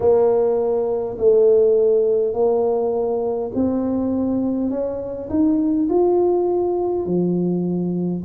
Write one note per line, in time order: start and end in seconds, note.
0.00 1.17 A#3
1.18 2.33 A3
2.33 3.51 A#3
3.54 4.70 C4
4.70 5.28 C#4
5.29 5.88 D#4
5.89 7.05 F4
7.05 8.23 F3